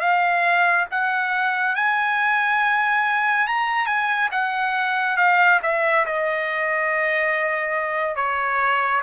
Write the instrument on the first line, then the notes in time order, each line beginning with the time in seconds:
trumpet
0.00 F5
0.91 F#5
1.75 G#5
3.47 A#5
3.86 G#5
4.31 F#5
5.17 F5
5.62 E5
6.05 D#5
8.15 C#5